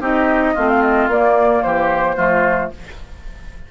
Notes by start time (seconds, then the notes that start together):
0.00 C4 D#4 G4 D#5
0.54 A3 C4 F4
0.69 F5
0.82 D#5
1.08 A#3 D5
1.63 E3 G4 C5
2.16 F3 A3 F4